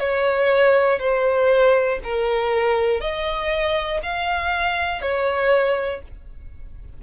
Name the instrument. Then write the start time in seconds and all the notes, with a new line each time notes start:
violin
0.00 C#5
1.00 C5
2.04 A#4
3.01 D#5
4.03 F5
5.02 C#5